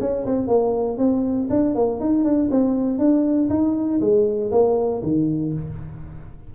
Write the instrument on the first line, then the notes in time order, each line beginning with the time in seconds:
tuba
0.00 C#4
0.25 C4
0.47 A#3
0.97 C4
1.50 D4
1.75 A#3
2.00 D#4
2.24 D4
2.50 C4
2.98 D4
3.49 D#4
4.00 G#3
4.51 A#3
5.02 D#3